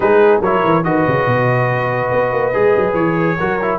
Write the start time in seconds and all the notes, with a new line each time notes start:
0.00 G#3 D#4 G#4 B4
0.40 F#3 E4 A#4 C#5
0.64 E3
0.84 D#3 F#4 B4 D#5
1.07 C#3
1.26 B2
2.11 B3
2.32 A#3
2.53 G#3 G#4
2.76 F#3
2.94 E3 C#5
3.38 F#3 F#4 A#4
3.61 E4